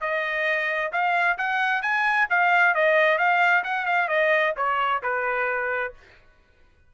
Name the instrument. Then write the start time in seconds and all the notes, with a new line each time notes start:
trumpet
0.00 D#5
0.92 F5
1.38 F#5
1.82 G#5
2.29 F5
2.74 D#5
3.18 F5
3.63 F#5
3.85 F5
4.08 D#5
4.56 C#5
5.02 B4